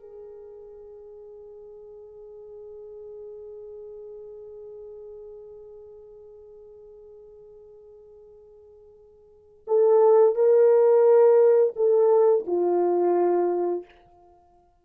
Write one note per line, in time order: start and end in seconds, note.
0.00 9.66 G#4
9.68 10.36 A4
10.36 11.74 A#4
11.76 12.45 A4
12.47 13.85 F4